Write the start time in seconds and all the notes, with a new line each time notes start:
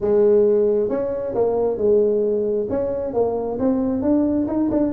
0.01 G#3
0.89 C#4
1.34 A#3
1.77 G#3
2.69 C#4
3.13 A#3
3.59 C4
4.02 D4
4.47 D#4
4.70 D4